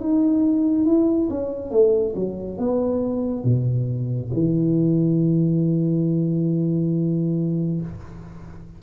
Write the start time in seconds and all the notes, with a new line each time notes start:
0.00 D#4
0.85 E4
1.30 C#4
1.71 A3
2.16 F#3
2.58 B3
3.44 B2
4.33 E3